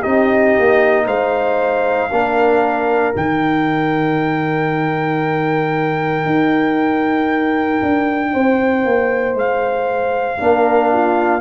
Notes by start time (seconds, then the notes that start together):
0.00 C4 D#4 G4 D#5
0.59 A#3
1.06 G#3 C5 F5
2.10 A#3 D4 A#4
3.13 D#3 D#4 G5
6.25 D#4
7.82 D4
8.33 C4 C5
8.84 A#3
9.34 G#3 F5
10.39 A#3 D4 A#4
10.92 F4